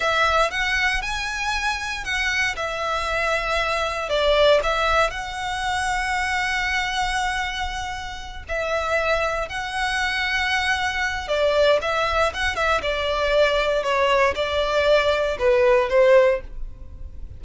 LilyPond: \new Staff \with { instrumentName = "violin" } { \time 4/4 \tempo 4 = 117 e''4 fis''4 gis''2 | fis''4 e''2. | d''4 e''4 fis''2~ | fis''1~ |
fis''8 e''2 fis''4.~ | fis''2 d''4 e''4 | fis''8 e''8 d''2 cis''4 | d''2 b'4 c''4 | }